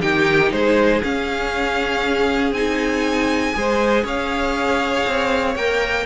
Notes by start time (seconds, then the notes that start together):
0.00 D#3 D#4 G4 G5
0.51 G#3 G#4 C5
1.03 C#4 F5
2.51 C4 D#4 G#5
3.53 G#3 G#4 C5
4.04 C#4 C#5 F5
5.06 C4
5.55 A#3 A#4 G5